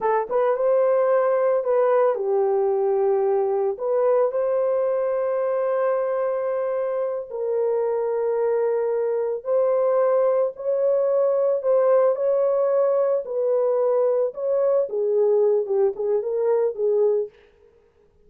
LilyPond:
\new Staff \with { instrumentName = "horn" } { \time 4/4 \tempo 4 = 111 a'8 b'8 c''2 b'4 | g'2. b'4 | c''1~ | c''4. ais'2~ ais'8~ |
ais'4. c''2 cis''8~ | cis''4. c''4 cis''4.~ | cis''8 b'2 cis''4 gis'8~ | gis'4 g'8 gis'8 ais'4 gis'4 | }